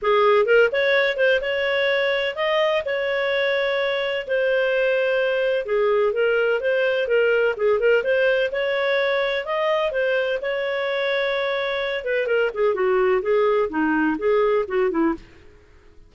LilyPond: \new Staff \with { instrumentName = "clarinet" } { \time 4/4 \tempo 4 = 127 gis'4 ais'8 cis''4 c''8 cis''4~ | cis''4 dis''4 cis''2~ | cis''4 c''2. | gis'4 ais'4 c''4 ais'4 |
gis'8 ais'8 c''4 cis''2 | dis''4 c''4 cis''2~ | cis''4. b'8 ais'8 gis'8 fis'4 | gis'4 dis'4 gis'4 fis'8 e'8 | }